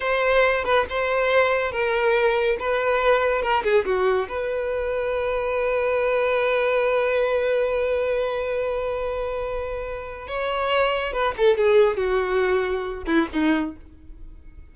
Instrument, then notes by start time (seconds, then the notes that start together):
violin
0.00 C5
0.64 B4
0.89 C5
1.71 A#4
2.59 B4
3.41 A#4
3.63 G#4
3.85 F#4
4.28 B4
10.27 C#5
11.12 B4
11.37 A4
11.57 G#4
11.96 F#4
13.06 E4
13.33 D#4